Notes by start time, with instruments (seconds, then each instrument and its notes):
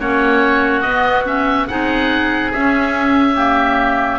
0.00 double bass A#3, clarinet C#4, oboe F#4 C#5
0.81 double bass B3, clarinet B3, oboe D#5
1.25 clarinet C#4, oboe E5
1.68 double bass C4, clarinet D#4, oboe G#4 F#5
2.53 clarinet C#4, double bass C#4, oboe E5
3.35 clarinet A#3, oboe G4